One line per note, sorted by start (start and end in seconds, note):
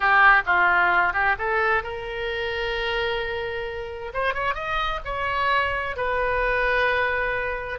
0.00 0.42 G4
0.46 1.13 F4
1.13 1.36 G4
1.38 1.83 A4
1.83 4.12 A#4
4.13 4.34 C5
4.34 4.54 C#5
4.54 5.00 D#5
5.05 5.96 C#5
5.96 7.79 B4